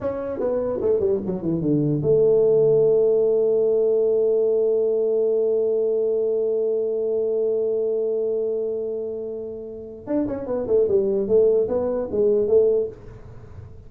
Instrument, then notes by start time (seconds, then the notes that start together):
tuba
0.01 C#4
0.39 B3
0.81 A3
1.00 G3
1.26 F#3
1.42 E3
1.61 D3
2.02 A3
10.06 D4
10.27 C#4
10.46 B3
10.67 A3
10.88 G3
11.27 A3
11.68 B3
12.11 G#3
12.47 A3